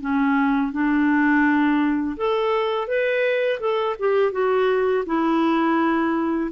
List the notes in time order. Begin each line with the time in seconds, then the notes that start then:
0.00 C#4
0.72 D4
2.17 A4
2.87 B4
3.60 A4
3.99 G4
4.32 F#4
5.06 E4